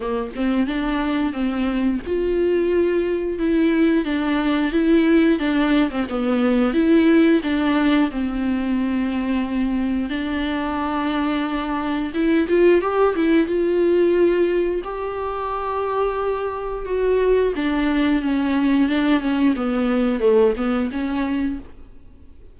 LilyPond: \new Staff \with { instrumentName = "viola" } { \time 4/4 \tempo 4 = 89 ais8 c'8 d'4 c'4 f'4~ | f'4 e'4 d'4 e'4 | d'8. c'16 b4 e'4 d'4 | c'2. d'4~ |
d'2 e'8 f'8 g'8 e'8 | f'2 g'2~ | g'4 fis'4 d'4 cis'4 | d'8 cis'8 b4 a8 b8 cis'4 | }